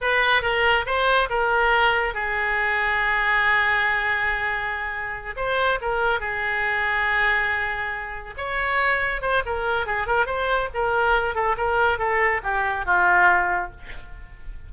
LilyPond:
\new Staff \with { instrumentName = "oboe" } { \time 4/4 \tempo 4 = 140 b'4 ais'4 c''4 ais'4~ | ais'4 gis'2.~ | gis'1~ | gis'8 c''4 ais'4 gis'4.~ |
gis'2.~ gis'8 cis''8~ | cis''4. c''8 ais'4 gis'8 ais'8 | c''4 ais'4. a'8 ais'4 | a'4 g'4 f'2 | }